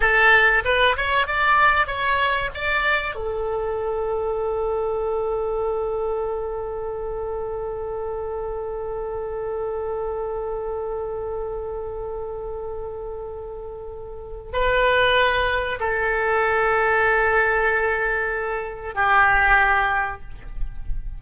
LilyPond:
\new Staff \with { instrumentName = "oboe" } { \time 4/4 \tempo 4 = 95 a'4 b'8 cis''8 d''4 cis''4 | d''4 a'2.~ | a'1~ | a'1~ |
a'1~ | a'2. b'4~ | b'4 a'2.~ | a'2 g'2 | }